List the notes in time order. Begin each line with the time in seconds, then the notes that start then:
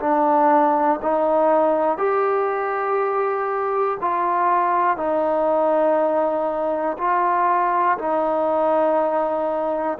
0.00 D4
1.02 D#4
1.98 G4
4.01 F4
4.97 D#4
6.98 F4
7.99 D#4